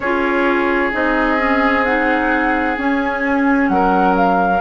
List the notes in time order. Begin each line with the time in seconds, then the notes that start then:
0.00 C#4 F4 G#4 C#5
0.92 C4 D#4 D#5
1.37 C#4
1.84 D#4 F#5
2.77 C#4 G#5
3.68 F#3 A#4 F#5
4.16 F5